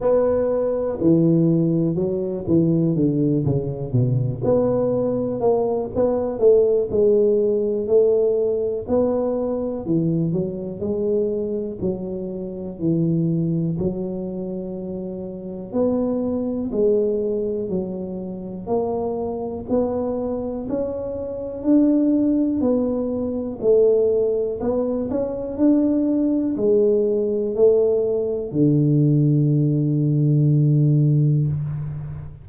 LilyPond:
\new Staff \with { instrumentName = "tuba" } { \time 4/4 \tempo 4 = 61 b4 e4 fis8 e8 d8 cis8 | b,8 b4 ais8 b8 a8 gis4 | a4 b4 e8 fis8 gis4 | fis4 e4 fis2 |
b4 gis4 fis4 ais4 | b4 cis'4 d'4 b4 | a4 b8 cis'8 d'4 gis4 | a4 d2. | }